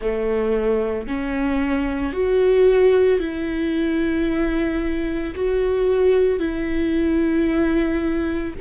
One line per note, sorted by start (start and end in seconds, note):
0.00 1.07 A3
1.07 2.12 C#4
2.12 3.19 F#4
3.19 5.33 E4
5.34 6.39 F#4
6.39 8.53 E4